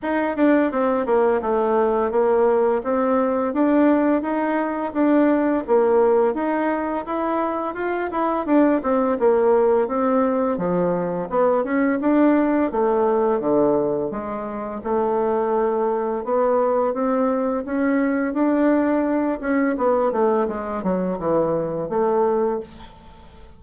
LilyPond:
\new Staff \with { instrumentName = "bassoon" } { \time 4/4 \tempo 4 = 85 dis'8 d'8 c'8 ais8 a4 ais4 | c'4 d'4 dis'4 d'4 | ais4 dis'4 e'4 f'8 e'8 | d'8 c'8 ais4 c'4 f4 |
b8 cis'8 d'4 a4 d4 | gis4 a2 b4 | c'4 cis'4 d'4. cis'8 | b8 a8 gis8 fis8 e4 a4 | }